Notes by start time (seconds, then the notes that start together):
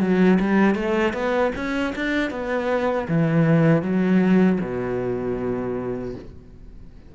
0.00 F#3
0.40 G3
0.75 A3
1.13 B3
1.55 C#4
1.95 D4
2.30 B3
3.08 E3
3.82 F#3
4.61 B2